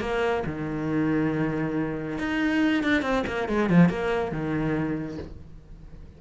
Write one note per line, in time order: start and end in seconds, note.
0.00 0.43 A#3
0.46 2.18 D#3
2.18 2.83 D#4
2.83 3.02 D4
3.02 3.23 C4
3.26 3.48 A#3
3.48 3.69 G#3
3.69 3.89 F3
3.89 4.31 A#3
4.31 5.18 D#3